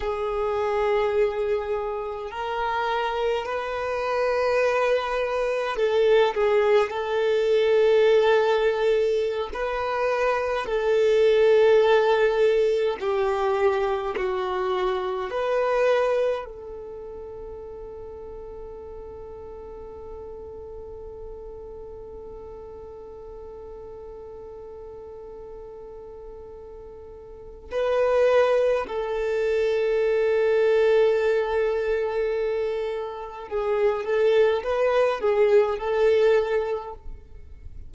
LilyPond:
\new Staff \with { instrumentName = "violin" } { \time 4/4 \tempo 4 = 52 gis'2 ais'4 b'4~ | b'4 a'8 gis'8 a'2~ | a'16 b'4 a'2 g'8.~ | g'16 fis'4 b'4 a'4.~ a'16~ |
a'1~ | a'1 | b'4 a'2.~ | a'4 gis'8 a'8 b'8 gis'8 a'4 | }